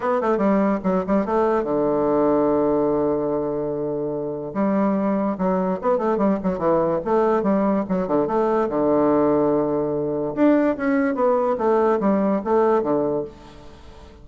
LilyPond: \new Staff \with { instrumentName = "bassoon" } { \time 4/4 \tempo 4 = 145 b8 a8 g4 fis8 g8 a4 | d1~ | d2. g4~ | g4 fis4 b8 a8 g8 fis8 |
e4 a4 g4 fis8 d8 | a4 d2.~ | d4 d'4 cis'4 b4 | a4 g4 a4 d4 | }